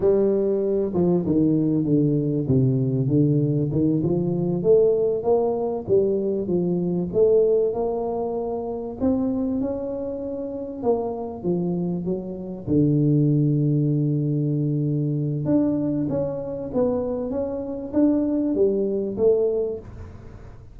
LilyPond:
\new Staff \with { instrumentName = "tuba" } { \time 4/4 \tempo 4 = 97 g4. f8 dis4 d4 | c4 d4 dis8 f4 a8~ | a8 ais4 g4 f4 a8~ | a8 ais2 c'4 cis'8~ |
cis'4. ais4 f4 fis8~ | fis8 d2.~ d8~ | d4 d'4 cis'4 b4 | cis'4 d'4 g4 a4 | }